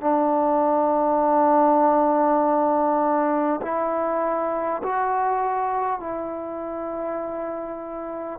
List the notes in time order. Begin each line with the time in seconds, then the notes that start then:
0.00 D4
3.62 E4
4.83 F#4
5.99 E4